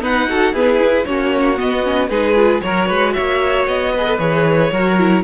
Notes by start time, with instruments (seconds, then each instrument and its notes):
0.00 viola B3, cello D#4, violin B4 F#5
0.28 viola F#4, violin A4
0.53 viola B3, cello E4, violin G#4 B4
0.80 viola E4
1.05 cello A#3, viola C#4, violin F#4 C#5
1.57 viola B3, cello B3, violin D#5
1.83 viola C#4
2.09 cello G#3, viola D#4, violin G#4 B4
2.35 viola F4
2.62 cello F#3, viola F#4, violin A#4 C#5
2.87 cello G#3, violin B4
3.13 cello A#3, violin C#5 E5
3.67 cello B3, violin D#5
3.93 viola G#4, violin B4
4.07 viola A4
4.19 cello E3, viola G#4, violin C#5
4.72 cello F#3, viola F#4, violin A#4
4.98 viola E4